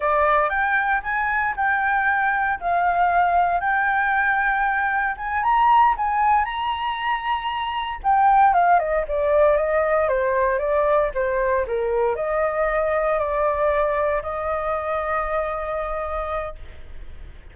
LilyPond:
\new Staff \with { instrumentName = "flute" } { \time 4/4 \tempo 4 = 116 d''4 g''4 gis''4 g''4~ | g''4 f''2 g''4~ | g''2 gis''8 ais''4 gis''8~ | gis''8 ais''2. g''8~ |
g''8 f''8 dis''8 d''4 dis''4 c''8~ | c''8 d''4 c''4 ais'4 dis''8~ | dis''4. d''2 dis''8~ | dis''1 | }